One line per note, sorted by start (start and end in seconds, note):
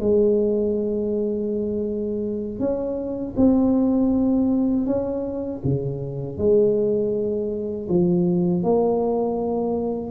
0.00 2.59 G#3
2.59 3.34 C#4
3.37 4.86 C4
4.86 5.61 C#4
5.64 6.38 C#3
6.38 7.88 G#3
7.89 8.63 F3
8.63 10.11 A#3